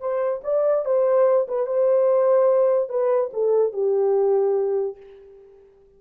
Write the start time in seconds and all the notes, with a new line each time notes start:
0.00 C5
0.44 D5
0.85 C5
1.48 B4
1.66 C5
2.89 B4
3.33 A4
3.73 G4